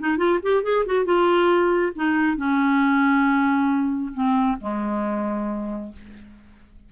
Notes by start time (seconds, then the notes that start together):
0.00 D#4
0.18 F4
0.43 G4
0.63 G#4
0.86 F#4
1.05 F4
1.95 D#4
2.37 C#4
4.14 C4
4.61 G#3